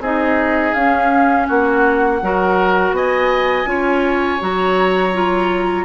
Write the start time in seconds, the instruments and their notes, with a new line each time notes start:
0.00 bassoon C4, clarinet D#4, oboe G#4, flute D#5
0.74 bassoon C#4, clarinet C#4, flute F5
1.48 bassoon A#3, oboe F#4, flute F#5
2.23 bassoon F#3, clarinet F#4, oboe A#4
2.92 bassoon B3, oboe D#5, flute G#5
3.66 bassoon C#4, clarinet F4, oboe C#5
4.41 bassoon F#3, clarinet F#4, flute A#5
5.14 clarinet F4